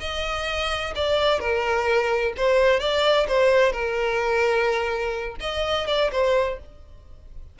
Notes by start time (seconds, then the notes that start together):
0.00 D#5
0.95 D5
1.40 A#4
2.37 C5
2.80 D5
3.28 C5
3.72 A#4
5.40 D#5
5.87 D5
6.12 C5